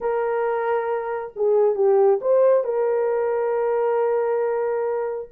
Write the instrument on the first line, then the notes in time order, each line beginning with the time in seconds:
horn
0.00 A#4
1.36 G#4
1.75 G4
2.21 C5
2.64 A#4